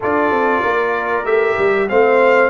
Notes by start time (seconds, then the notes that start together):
0.00 D4 F4 A4 D5
0.31 C4
0.61 A#3 A#4
1.24 A3 G4 E5
1.58 G3
1.88 A3 C4 C5 F5